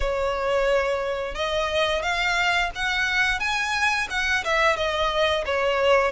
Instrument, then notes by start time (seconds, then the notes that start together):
violin
0.00 C#5
1.35 D#5
2.02 F5
2.75 F#5
3.39 G#5
4.10 F#5
4.44 E5
4.76 D#5
5.45 C#5